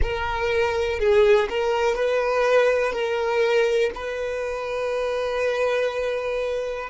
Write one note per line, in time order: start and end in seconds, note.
0.02 0.99 A#4
0.99 1.48 G#4
1.49 1.94 A#4
1.94 2.92 B4
2.92 3.90 A#4
3.94 6.89 B4